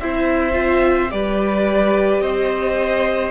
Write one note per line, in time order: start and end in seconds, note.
0.00 1.12 C4
0.00 0.53 E4
0.00 1.12 C5
0.00 1.11 E5
0.53 1.08 F4
1.11 2.21 G3
1.11 3.31 G4
1.11 2.22 B4
1.11 2.21 D5
2.21 3.31 C4
2.21 3.31 C5
2.21 3.31 D#5